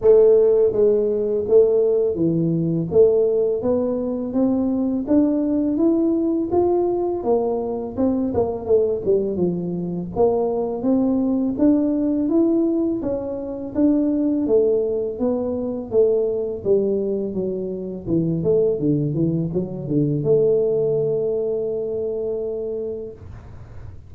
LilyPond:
\new Staff \with { instrumentName = "tuba" } { \time 4/4 \tempo 4 = 83 a4 gis4 a4 e4 | a4 b4 c'4 d'4 | e'4 f'4 ais4 c'8 ais8 | a8 g8 f4 ais4 c'4 |
d'4 e'4 cis'4 d'4 | a4 b4 a4 g4 | fis4 e8 a8 d8 e8 fis8 d8 | a1 | }